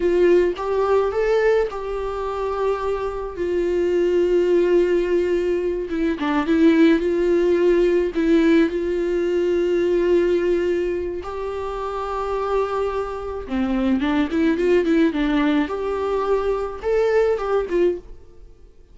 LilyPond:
\new Staff \with { instrumentName = "viola" } { \time 4/4 \tempo 4 = 107 f'4 g'4 a'4 g'4~ | g'2 f'2~ | f'2~ f'8 e'8 d'8 e'8~ | e'8 f'2 e'4 f'8~ |
f'1 | g'1 | c'4 d'8 e'8 f'8 e'8 d'4 | g'2 a'4 g'8 f'8 | }